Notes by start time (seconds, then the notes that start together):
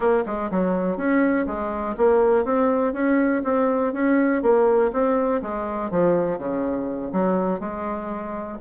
0.00 A#3
0.25 G#3
0.50 F#3
0.97 C#4
1.46 G#3
1.97 A#3
2.44 C4
2.93 C#4
3.44 C4
3.93 C#4
4.42 A#3
4.92 C4
5.42 G#3
5.90 F3
6.38 C#3
7.12 F#3
7.60 G#3